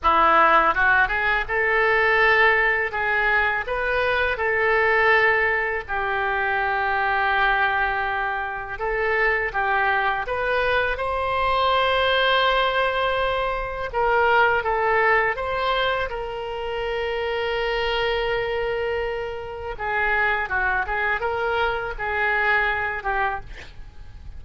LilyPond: \new Staff \with { instrumentName = "oboe" } { \time 4/4 \tempo 4 = 82 e'4 fis'8 gis'8 a'2 | gis'4 b'4 a'2 | g'1 | a'4 g'4 b'4 c''4~ |
c''2. ais'4 | a'4 c''4 ais'2~ | ais'2. gis'4 | fis'8 gis'8 ais'4 gis'4. g'8 | }